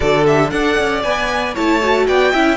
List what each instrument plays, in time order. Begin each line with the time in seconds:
0.00 cello D3, viola F#4, violin A4 D5
0.26 viola G4, violin E5
0.50 cello D4, viola A4, violin D5 F#5
0.78 cello C#4
1.02 cello B3, viola B4, violin G#5
1.54 cello A3, viola E4, violin C#5 A5
1.82 viola F#4
2.06 cello B3, violin D5 G5
2.31 cello C#4, viola E4, violin E5